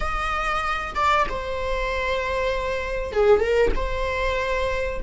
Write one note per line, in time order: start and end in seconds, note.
0.00 0.94 D#5
0.95 1.26 D5
1.29 3.12 C5
3.12 3.40 G#4
3.40 3.71 A#4
3.75 5.00 C5